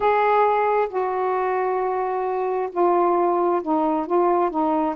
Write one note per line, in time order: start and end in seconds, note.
0.00 0.88 G#4
0.89 2.69 F#4
2.71 3.62 F4
3.62 4.06 D#4
4.06 4.50 F4
4.50 4.95 D#4